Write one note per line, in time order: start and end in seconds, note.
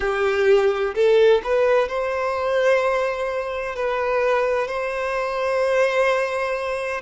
0.00 0.94 G4
0.94 1.41 A4
1.43 1.88 B4
1.88 3.75 C5
3.75 4.67 B4
4.67 7.01 C5